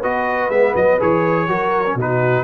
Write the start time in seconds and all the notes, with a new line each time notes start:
0.00 B3 F#4 B4 D#5
0.49 G#3 B3 E5
0.75 F#3 D#5
0.99 E3 G#4 C#5
1.48 F#3 F#4 A#4
1.86 C#4
1.95 B2 D#4 F#4 B4